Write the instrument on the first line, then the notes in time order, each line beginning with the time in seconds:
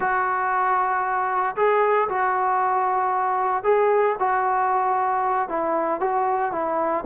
trombone
0.00 F#4
1.56 G#4
2.08 F#4
3.63 G#4
4.19 F#4
5.49 E4
6.00 F#4
6.52 E4